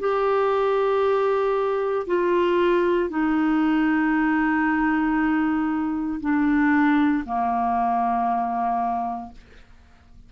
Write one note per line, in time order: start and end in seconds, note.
0.00 2.07 G4
2.07 3.10 F4
3.10 6.20 D#4
6.21 7.24 D4
7.26 9.32 A#3